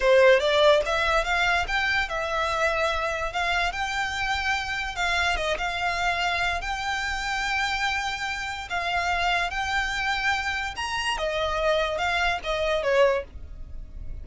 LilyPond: \new Staff \with { instrumentName = "violin" } { \time 4/4 \tempo 4 = 145 c''4 d''4 e''4 f''4 | g''4 e''2. | f''4 g''2. | f''4 dis''8 f''2~ f''8 |
g''1~ | g''4 f''2 g''4~ | g''2 ais''4 dis''4~ | dis''4 f''4 dis''4 cis''4 | }